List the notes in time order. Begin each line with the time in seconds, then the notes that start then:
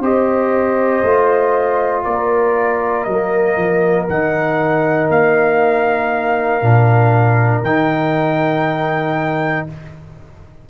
0.00 C4 G4 C5 D#5
1.03 A3 F4
2.04 A#3 A#4 D5
3.04 F#3 A#3 D#5
3.57 F3
4.09 D#3 D#4 F#5
5.10 A#3 F5
6.62 A#2 D4
7.63 D#3 D#4 G5